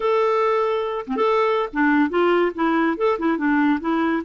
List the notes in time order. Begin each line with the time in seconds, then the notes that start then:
0.00 A4
1.07 C4
1.16 A4
1.72 D4
2.09 F4
2.54 E4
2.97 A4
3.18 E4
3.37 D4
3.80 E4